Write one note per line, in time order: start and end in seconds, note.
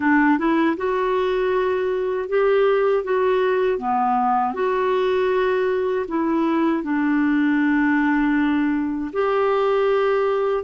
0.00 0.38 D4
0.38 0.76 E4
0.76 2.28 F#4
2.28 3.04 G4
3.04 3.78 F#4
3.78 4.54 B3
4.54 6.06 F#4
6.08 6.83 E4
6.83 9.11 D4
9.12 10.64 G4